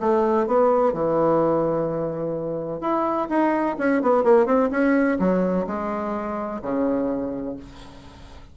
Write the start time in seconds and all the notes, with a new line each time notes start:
0.00 A3
0.47 B3
0.93 E3
2.81 E4
3.29 D#4
3.78 C#4
4.02 B3
4.24 A#3
4.46 C4
4.71 C#4
5.19 F#3
5.67 G#3
6.62 C#3